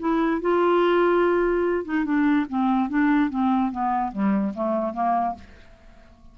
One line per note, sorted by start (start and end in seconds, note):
0.00 0.41 E4
0.41 1.85 F4
1.85 2.05 D#4
2.05 2.46 D4
2.50 2.89 C4
2.89 3.30 D4
3.30 3.72 C4
3.72 4.12 B3
4.12 4.54 G3
4.55 4.94 A3
4.94 5.35 A#3